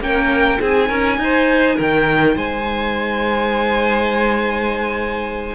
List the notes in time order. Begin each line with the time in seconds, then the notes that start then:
0.00 A#3 C#4 G5
0.07 A#4
0.59 C4 D#4 G#4 G#5
0.88 C#4 A#4
1.18 D#4 C5
1.75 D#3 A#4 G5
2.35 G#3 C5 G#5